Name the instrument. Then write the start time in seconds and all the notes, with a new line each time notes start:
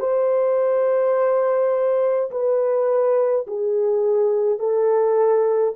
horn
0.00 C5
2.31 B4
3.48 G#4
4.59 A4